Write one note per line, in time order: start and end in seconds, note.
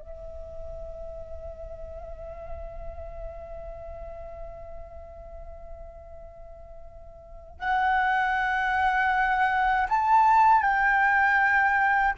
0.00 7.59 E5
7.60 9.88 F#5
9.89 10.62 A5
10.62 12.14 G5